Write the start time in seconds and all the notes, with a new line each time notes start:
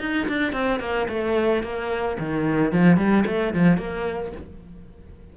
0.00 D#4
0.29 D4
0.53 C4
0.80 A#3
1.09 A3
1.63 A#3
2.19 D#3
2.72 F3
2.97 G3
3.26 A3
3.54 F3
3.78 A#3